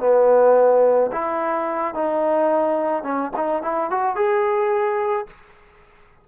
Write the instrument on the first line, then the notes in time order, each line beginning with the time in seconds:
trombone
0.00 B3
1.12 E4
1.95 D#4
3.04 C#4
3.37 D#4
3.63 E4
3.91 F#4
4.16 G#4